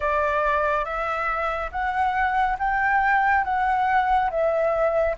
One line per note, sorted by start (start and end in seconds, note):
0.00 0.85 D5
0.85 1.70 E5
1.71 2.57 F#5
2.58 3.44 G5
3.44 4.30 F#5
4.30 5.15 E5